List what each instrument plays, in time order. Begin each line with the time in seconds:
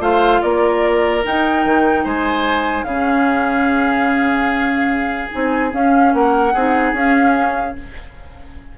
0.00 bassoon A3, clarinet F4, oboe C5, flute F5
0.42 bassoon A#3, oboe A#4, flute D5
1.24 clarinet D#4, bassoon D#4, flute G5
1.65 bassoon D#3
2.04 bassoon G#3, oboe C5, flute G#5
2.84 bassoon C#3, clarinet C#4, oboe G#4, flute F5
5.31 bassoon C4, clarinet D#4, flute G#5
5.71 clarinet C#4, bassoon C#4, flute F5
6.14 bassoon A#3, oboe A#4, flute F#5
6.54 bassoon C4, clarinet D#4, oboe G#4
6.93 bassoon C#4, clarinet C#4, flute F5